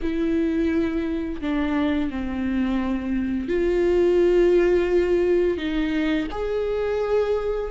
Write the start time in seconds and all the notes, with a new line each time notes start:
0.02 E4
1.41 D4
2.10 C4
3.48 F4
5.57 D#4
6.31 G#4